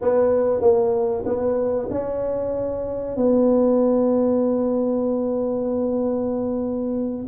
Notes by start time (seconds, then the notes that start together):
0.01 B3
0.61 A#3
1.25 B3
1.91 C#4
3.16 B3